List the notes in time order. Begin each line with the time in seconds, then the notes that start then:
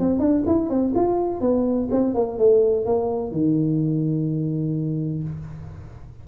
0.00 C4
0.20 D4
0.47 E4
0.70 C4
0.96 F4
1.41 B3
1.92 C4
2.15 A#3
2.39 A3
2.86 A#3
3.32 D#3